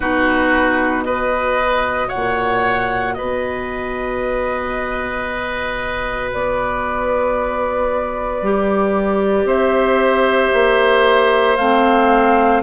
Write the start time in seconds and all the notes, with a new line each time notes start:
0.00 B2 D#4 F#4 B4
1.04 F#4 B4 D#5
2.08 C#5 F#5
2.14 A#2
3.14 B4 D#5
3.20 B2
6.33 B3 D5
8.41 G3 G4
9.44 C4 C5 E5
10.53 A#3
11.56 A3 C4 F5